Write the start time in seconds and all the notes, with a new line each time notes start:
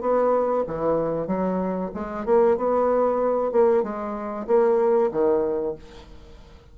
0.00 B3
0.67 E3
1.26 F#3
1.94 G#3
2.25 A#3
2.56 B3
3.51 A#3
3.83 G#3
4.47 A#3
5.11 D#3